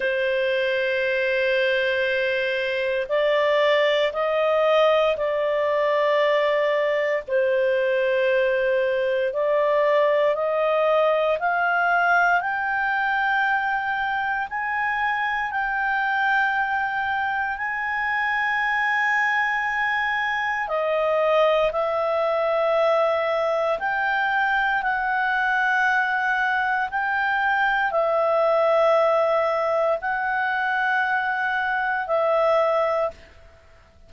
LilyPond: \new Staff \with { instrumentName = "clarinet" } { \time 4/4 \tempo 4 = 58 c''2. d''4 | dis''4 d''2 c''4~ | c''4 d''4 dis''4 f''4 | g''2 gis''4 g''4~ |
g''4 gis''2. | dis''4 e''2 g''4 | fis''2 g''4 e''4~ | e''4 fis''2 e''4 | }